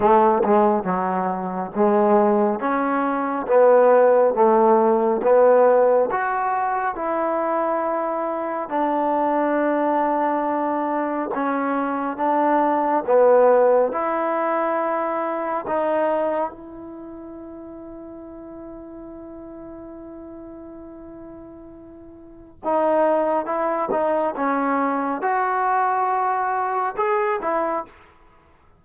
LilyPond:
\new Staff \with { instrumentName = "trombone" } { \time 4/4 \tempo 4 = 69 a8 gis8 fis4 gis4 cis'4 | b4 a4 b4 fis'4 | e'2 d'2~ | d'4 cis'4 d'4 b4 |
e'2 dis'4 e'4~ | e'1~ | e'2 dis'4 e'8 dis'8 | cis'4 fis'2 gis'8 e'8 | }